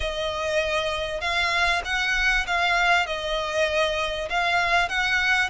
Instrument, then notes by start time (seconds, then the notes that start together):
violin
0.00 D#5
1.20 F5
1.85 F#5
2.46 F5
3.06 D#5
4.29 F5
4.88 F#5